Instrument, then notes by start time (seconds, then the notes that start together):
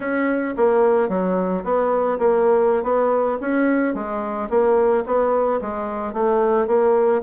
bassoon
0.00 C#4
0.56 A#3
1.09 F#3
1.64 B3
2.18 A#3
2.83 B3
3.41 C#4
3.94 G#3
4.49 A#3
5.06 B3
5.61 G#3
6.13 A3
6.67 A#3